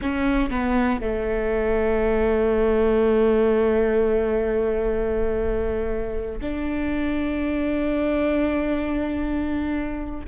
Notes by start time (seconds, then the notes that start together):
0.01 C#4
0.50 B3
1.01 A3
6.41 D4